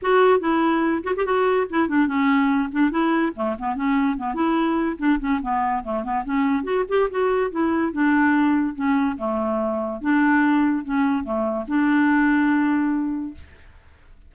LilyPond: \new Staff \with { instrumentName = "clarinet" } { \time 4/4 \tempo 4 = 144 fis'4 e'4. fis'16 g'16 fis'4 | e'8 d'8 cis'4. d'8 e'4 | a8 b8 cis'4 b8 e'4. | d'8 cis'8 b4 a8 b8 cis'4 |
fis'8 g'8 fis'4 e'4 d'4~ | d'4 cis'4 a2 | d'2 cis'4 a4 | d'1 | }